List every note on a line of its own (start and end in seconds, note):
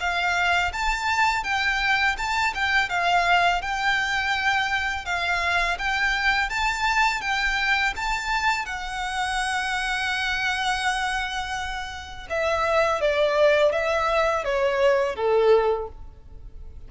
0.00 0.72 F5
0.73 1.44 A5
1.44 2.16 G5
2.18 2.54 A5
2.54 2.89 G5
2.89 3.61 F5
3.62 5.05 G5
5.05 5.78 F5
5.79 6.50 G5
6.50 7.21 A5
7.21 7.94 G5
7.96 8.65 A5
8.65 12.27 F#5
12.30 13.01 E5
13.01 13.72 D5
13.72 14.44 E5
14.44 15.15 C#5
15.15 15.88 A4